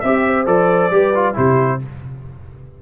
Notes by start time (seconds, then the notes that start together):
0.00 C4 G4 E5
0.26 C5
0.46 F3 A4 D5
0.90 G3 G4 B4
1.14 F4
1.34 C3 E4 G4 C5